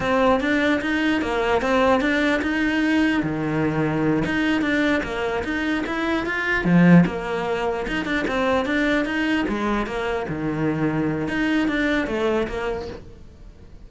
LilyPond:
\new Staff \with { instrumentName = "cello" } { \time 4/4 \tempo 4 = 149 c'4 d'4 dis'4 ais4 | c'4 d'4 dis'2 | dis2~ dis8 dis'4 d'8~ | d'8 ais4 dis'4 e'4 f'8~ |
f'8 f4 ais2 dis'8 | d'8 c'4 d'4 dis'4 gis8~ | gis8 ais4 dis2~ dis8 | dis'4 d'4 a4 ais4 | }